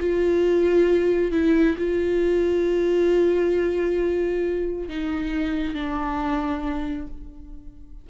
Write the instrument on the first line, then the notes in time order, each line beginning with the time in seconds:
viola
0.00 F4
1.32 E4
1.78 F4
4.89 D#4
5.74 D4